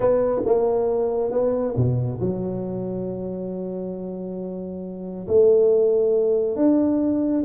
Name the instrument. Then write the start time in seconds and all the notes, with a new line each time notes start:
tuba
0.00 B3
0.45 A#3
1.31 B3
1.76 B2
2.20 F#3
5.27 A3
6.56 D4